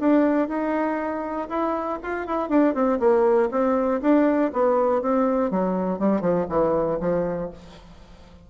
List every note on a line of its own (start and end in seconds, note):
0.00 0.49 D4
0.49 1.49 D#4
1.49 1.99 E4
2.03 2.27 F4
2.27 2.50 E4
2.50 2.75 D4
2.75 3.00 C4
3.00 3.50 A#3
3.51 4.01 C4
4.02 4.52 D4
4.53 5.02 B3
5.02 5.51 C4
5.51 5.99 F#3
5.99 6.21 G3
6.21 6.46 F3
6.50 7.00 E3
7.00 7.50 F3